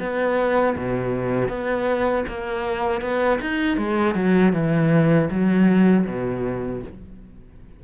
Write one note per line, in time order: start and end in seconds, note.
0.00 0.76 B3
0.77 1.48 B2
1.48 2.24 B3
2.28 3.01 A#3
3.01 3.39 B3
3.41 3.77 D#4
3.77 4.15 G#3
4.15 4.53 F#3
4.53 5.29 E3
5.30 6.06 F#3
6.06 6.82 B2